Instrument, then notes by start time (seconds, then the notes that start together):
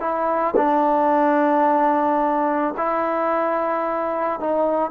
trombone
0.00 E4
0.57 D4
2.77 E4
4.40 D#4